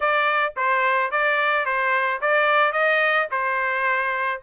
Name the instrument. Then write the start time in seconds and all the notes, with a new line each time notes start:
trumpet
0.00 D5
0.56 C5
1.11 D5
1.65 C5
2.21 D5
2.72 D#5
3.31 C5